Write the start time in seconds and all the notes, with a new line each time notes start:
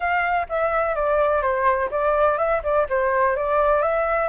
0.00 F5
0.49 E5
0.95 D5
1.42 C5
1.90 D5
2.38 E5
2.63 D5
2.89 C5
3.36 D5
3.82 E5